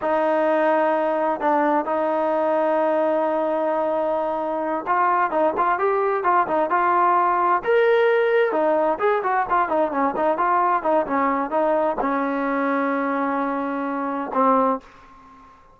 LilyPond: \new Staff \with { instrumentName = "trombone" } { \time 4/4 \tempo 4 = 130 dis'2. d'4 | dis'1~ | dis'2~ dis'8 f'4 dis'8 | f'8 g'4 f'8 dis'8 f'4.~ |
f'8 ais'2 dis'4 gis'8 | fis'8 f'8 dis'8 cis'8 dis'8 f'4 dis'8 | cis'4 dis'4 cis'2~ | cis'2. c'4 | }